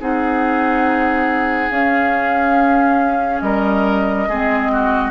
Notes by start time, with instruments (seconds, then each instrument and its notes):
0.00 bassoon C4, clarinet D#4, oboe G#4, flute F#5
1.70 bassoon C#4, clarinet C#4, flute F5
3.41 bassoon G3, oboe A#4, flute D#5
4.29 bassoon G#3, clarinet C4, oboe G#4
4.73 oboe F#4